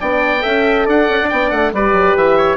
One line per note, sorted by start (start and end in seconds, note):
0.00 0.44 B3
0.00 0.39 D4
0.00 0.42 D5
0.00 0.87 G5
0.39 0.87 C#4
0.39 1.26 A4
0.39 0.85 E5
0.86 1.09 D4
0.86 1.72 D5
0.86 1.29 F#5
1.09 1.19 C#4
1.22 1.31 D4
1.29 1.51 B3
1.29 1.74 D4
1.29 1.49 G5
1.49 1.72 A3
1.49 1.71 F#5
1.72 1.92 G3
1.72 2.56 G4
1.72 2.37 B4
1.72 2.17 D5
1.92 2.14 F#3
2.16 2.56 E3
2.16 2.56 E5
2.37 2.56 C#5